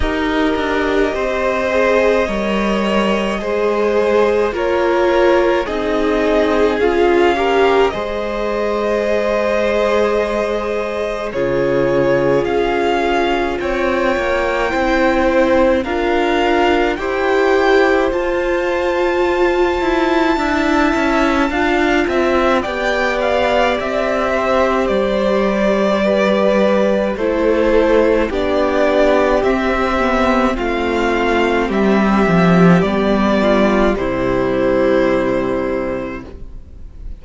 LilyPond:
<<
  \new Staff \with { instrumentName = "violin" } { \time 4/4 \tempo 4 = 53 dis''1 | cis''4 dis''4 f''4 dis''4~ | dis''2 cis''4 f''4 | g''2 f''4 g''4 |
a''1 | g''8 f''8 e''4 d''2 | c''4 d''4 e''4 f''4 | e''4 d''4 c''2 | }
  \new Staff \with { instrumentName = "violin" } { \time 4/4 ais'4 c''4 cis''4 c''4 | ais'4 gis'4. ais'8 c''4~ | c''2 gis'2 | cis''4 c''4 ais'4 c''4~ |
c''2 e''4 f''8 e''8 | d''4. c''4. b'4 | a'4 g'2 f'4 | g'4. f'8 e'2 | }
  \new Staff \with { instrumentName = "viola" } { \time 4/4 g'4. gis'8 ais'4 gis'4 | f'4 dis'4 f'8 g'8 gis'4~ | gis'2 f'2~ | f'4 e'4 f'4 g'4 |
f'2 e'4 f'4 | g'1 | e'4 d'4 c'8 b8 c'4~ | c'4 b4 g2 | }
  \new Staff \with { instrumentName = "cello" } { \time 4/4 dis'8 d'8 c'4 g4 gis4 | ais4 c'4 cis'4 gis4~ | gis2 cis4 cis'4 | c'8 ais8 c'4 d'4 e'4 |
f'4. e'8 d'8 cis'8 d'8 c'8 | b4 c'4 g2 | a4 b4 c'4 a4 | g8 f8 g4 c2 | }
>>